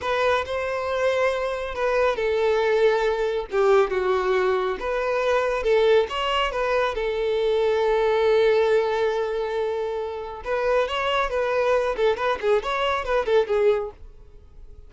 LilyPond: \new Staff \with { instrumentName = "violin" } { \time 4/4 \tempo 4 = 138 b'4 c''2. | b'4 a'2. | g'4 fis'2 b'4~ | b'4 a'4 cis''4 b'4 |
a'1~ | a'1 | b'4 cis''4 b'4. a'8 | b'8 gis'8 cis''4 b'8 a'8 gis'4 | }